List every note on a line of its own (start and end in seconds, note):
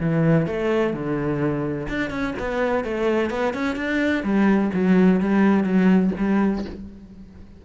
0.00 0.46 E3
0.46 0.93 A3
0.93 1.88 D3
1.89 2.10 D4
2.10 2.34 C#4
2.39 2.84 B3
2.84 3.30 A3
3.30 3.54 B3
3.54 3.76 C#4
3.76 4.23 D4
4.23 4.71 G3
4.74 5.20 F#3
5.20 5.64 G3
5.64 6.11 F#3
6.18 6.65 G3